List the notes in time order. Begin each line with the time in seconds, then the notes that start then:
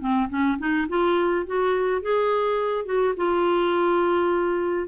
0.00 C4
0.30 C#4
0.58 D#4
0.89 F4
1.46 F#4
2.02 G#4
2.85 F#4
3.17 F4